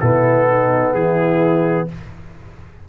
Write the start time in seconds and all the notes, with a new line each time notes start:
0.00 B2 B3 E4 A4
0.48 D#4
0.93 E3 E4 G#4